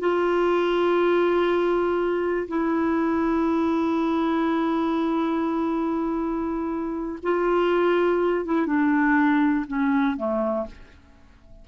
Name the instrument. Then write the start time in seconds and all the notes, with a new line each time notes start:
clarinet
0.00 F4
2.48 E4
7.23 F4
8.45 E4
8.67 D4
9.68 C#4
10.17 A3